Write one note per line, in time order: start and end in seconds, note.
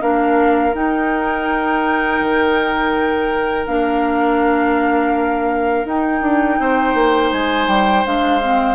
0.00 0.74 A#3
0.00 0.73 D4
0.00 6.60 A#4
0.00 0.75 F5
0.73 3.66 D#4
0.73 2.20 D#4
0.73 3.66 G5
2.20 3.66 D#3
3.66 5.85 A#3
3.66 5.86 D4
3.66 5.86 F5
5.85 6.21 D#4
5.85 8.04 D#4
5.85 7.32 G5
6.21 6.58 D4
6.59 6.94 C4
6.59 8.75 C5
6.94 7.31 A#3
7.32 7.67 G#3
7.32 7.68 G#5
7.67 8.04 G3
7.67 8.05 G5
8.04 8.75 G#3
8.04 8.41 D4
8.04 8.75 F5
8.41 8.75 C4